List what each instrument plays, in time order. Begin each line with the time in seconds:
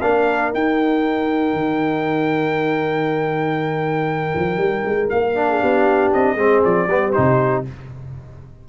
0.00 tuba A#3, trombone D4, horn A#4, trumpet F5
0.53 trombone D#4, tuba D#4, trumpet G5
1.53 tuba D#3
4.34 tuba F3
4.57 tuba G3
4.85 tuba G#3
5.09 tuba A#3, trumpet F5
5.35 trombone D4
5.49 horn G#4
5.60 tuba B3, horn G4
6.12 tuba C4, trumpet D#5
6.35 tuba G#3, trombone C4, horn G#4
6.64 tuba F3, trumpet D5
6.87 tuba G3, trombone B3, horn G4
7.12 tuba C3, trombone D#4, trumpet C5